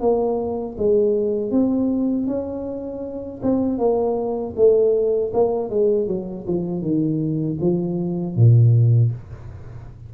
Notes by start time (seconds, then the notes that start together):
0.00 A#3
0.77 G#3
1.51 C4
2.26 C#4
3.42 C4
3.78 A#3
4.56 A3
5.33 A#3
5.69 G#3
6.07 F#3
6.47 F3
6.81 D#3
7.60 F3
8.35 A#2